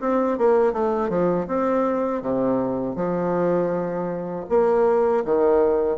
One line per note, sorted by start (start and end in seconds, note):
0.00 0.38 C4
0.38 0.72 A#3
0.72 1.09 A3
1.09 1.46 F3
1.47 2.22 C4
2.22 2.95 C3
2.95 4.45 F3
4.49 5.24 A#3
5.24 5.97 D#3